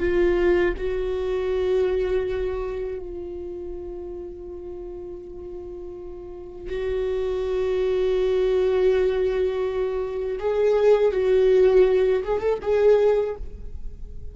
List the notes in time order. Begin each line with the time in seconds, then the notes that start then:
0.00 F4
0.78 F#4
2.99 F4
6.69 F#4
10.39 G#4
11.12 F#4
12.24 G#4
12.40 A4
12.62 G#4